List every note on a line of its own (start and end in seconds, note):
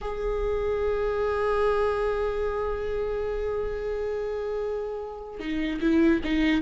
0.01 5.39 G#4
5.39 5.79 D#4
5.80 6.20 E4
6.24 6.62 D#4